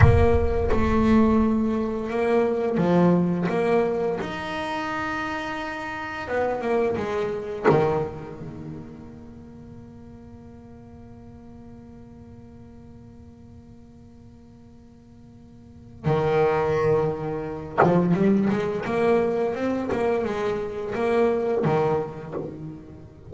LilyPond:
\new Staff \with { instrumentName = "double bass" } { \time 4/4 \tempo 4 = 86 ais4 a2 ais4 | f4 ais4 dis'2~ | dis'4 b8 ais8 gis4 dis4 | ais1~ |
ais1~ | ais2. dis4~ | dis4. f8 g8 gis8 ais4 | c'8 ais8 gis4 ais4 dis4 | }